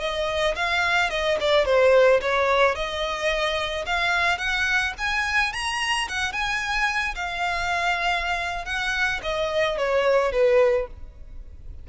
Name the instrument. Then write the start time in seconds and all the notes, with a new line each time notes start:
violin
0.00 D#5
0.56 F5
1.10 D#5
1.40 D5
1.65 C5
2.21 C#5
2.75 D#5
3.86 F5
4.38 F#5
4.98 G#5
5.53 A#5
6.09 F#5
6.33 G#5
7.15 F5
8.65 F#5
9.23 D#5
9.78 C#5
10.32 B4